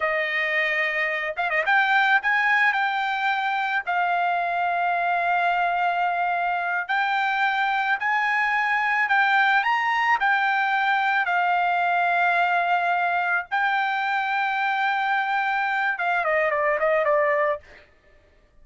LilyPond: \new Staff \with { instrumentName = "trumpet" } { \time 4/4 \tempo 4 = 109 dis''2~ dis''8 f''16 dis''16 g''4 | gis''4 g''2 f''4~ | f''1~ | f''8 g''2 gis''4.~ |
gis''8 g''4 ais''4 g''4.~ | g''8 f''2.~ f''8~ | f''8 g''2.~ g''8~ | g''4 f''8 dis''8 d''8 dis''8 d''4 | }